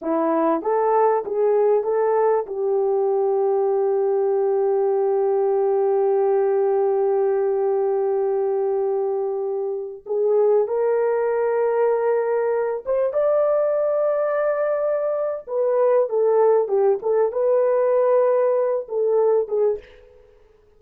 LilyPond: \new Staff \with { instrumentName = "horn" } { \time 4/4 \tempo 4 = 97 e'4 a'4 gis'4 a'4 | g'1~ | g'1~ | g'1~ |
g'16 gis'4 ais'2~ ais'8.~ | ais'8. c''8 d''2~ d''8.~ | d''4 b'4 a'4 g'8 a'8 | b'2~ b'8 a'4 gis'8 | }